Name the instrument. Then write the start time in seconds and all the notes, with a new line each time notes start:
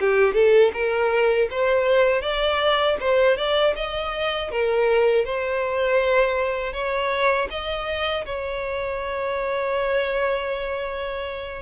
violin
0.00 G4
0.33 A4
0.73 A#4
1.50 C5
2.22 D5
3.00 C5
3.36 D5
3.75 D#5
4.51 A#4
5.24 C5
6.73 C#5
7.50 D#5
8.25 C#5